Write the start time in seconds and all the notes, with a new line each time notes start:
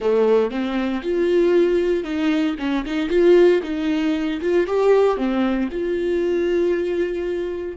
0.00 A3
0.50 C4
1.02 F4
2.04 D#4
2.59 C#4
2.85 D#4
3.09 F4
3.62 D#4
4.41 F4
4.66 G4
5.17 C4
5.71 F4